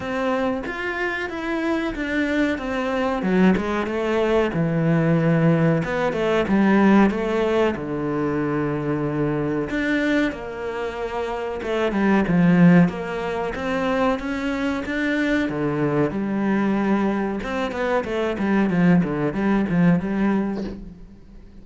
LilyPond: \new Staff \with { instrumentName = "cello" } { \time 4/4 \tempo 4 = 93 c'4 f'4 e'4 d'4 | c'4 fis8 gis8 a4 e4~ | e4 b8 a8 g4 a4 | d2. d'4 |
ais2 a8 g8 f4 | ais4 c'4 cis'4 d'4 | d4 g2 c'8 b8 | a8 g8 f8 d8 g8 f8 g4 | }